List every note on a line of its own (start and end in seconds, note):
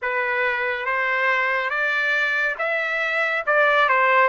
0.02 0.85 B4
0.85 1.69 C5
1.69 2.55 D5
2.58 3.44 E5
3.46 3.88 D5
3.88 4.28 C5